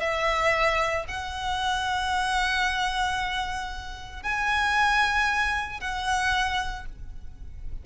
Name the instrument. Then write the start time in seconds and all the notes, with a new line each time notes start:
violin
0.00 E5
1.08 F#5
4.23 G#5
5.80 F#5